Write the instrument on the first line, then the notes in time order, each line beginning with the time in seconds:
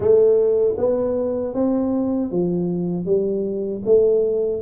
tuba
0.00 A3
0.77 B3
1.54 C4
2.31 F3
3.05 G3
3.85 A3